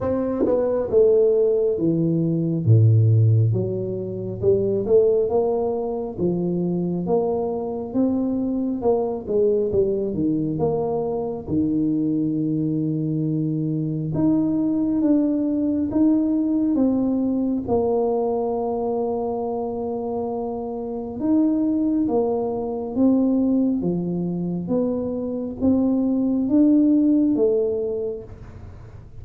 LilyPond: \new Staff \with { instrumentName = "tuba" } { \time 4/4 \tempo 4 = 68 c'8 b8 a4 e4 a,4 | fis4 g8 a8 ais4 f4 | ais4 c'4 ais8 gis8 g8 dis8 | ais4 dis2. |
dis'4 d'4 dis'4 c'4 | ais1 | dis'4 ais4 c'4 f4 | b4 c'4 d'4 a4 | }